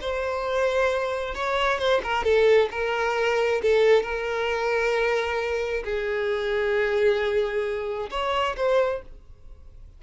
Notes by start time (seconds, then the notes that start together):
0.00 C5
1.34 C#5
1.78 C5
2.03 A#4
2.24 A4
2.71 A#4
3.62 A4
4.02 A#4
5.84 G#4
8.10 C#5
8.56 C5